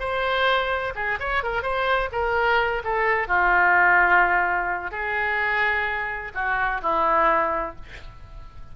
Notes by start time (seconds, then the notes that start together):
0.00 C5
0.95 G#4
1.20 C#5
1.43 A#4
1.63 C5
2.12 A#4
2.84 A4
3.28 F4
4.91 G#4
6.35 F#4
6.82 E4